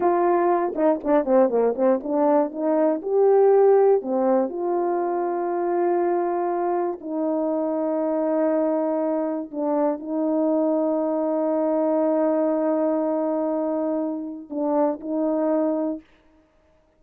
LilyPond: \new Staff \with { instrumentName = "horn" } { \time 4/4 \tempo 4 = 120 f'4. dis'8 d'8 c'8 ais8 c'8 | d'4 dis'4 g'2 | c'4 f'2.~ | f'2 dis'2~ |
dis'2. d'4 | dis'1~ | dis'1~ | dis'4 d'4 dis'2 | }